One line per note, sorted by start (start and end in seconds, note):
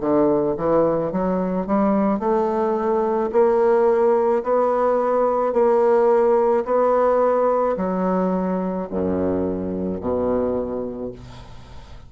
0.00 0.56 D3
0.57 1.12 E3
1.12 1.67 F#3
1.67 2.19 G3
2.19 3.30 A3
3.32 4.43 A#3
4.43 5.53 B3
5.53 6.64 A#3
6.65 7.76 B3
7.77 8.88 F#3
8.90 10.01 F#2
10.01 11.12 B2